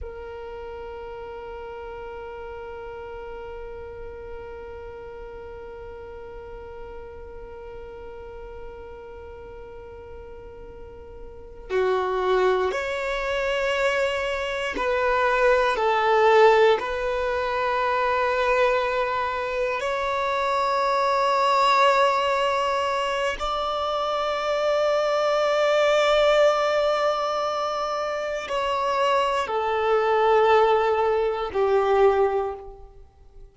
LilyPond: \new Staff \with { instrumentName = "violin" } { \time 4/4 \tempo 4 = 59 ais'1~ | ais'1~ | ais'2.~ ais'8 fis'8~ | fis'8 cis''2 b'4 a'8~ |
a'8 b'2. cis''8~ | cis''2. d''4~ | d''1 | cis''4 a'2 g'4 | }